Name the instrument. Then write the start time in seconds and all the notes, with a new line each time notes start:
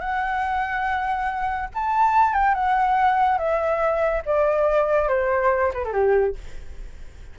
flute
0.00 F#5
1.74 A5
2.34 G5
2.54 F#5
3.38 E5
4.25 D5
5.08 C5
5.74 B4
5.84 A4
5.93 G4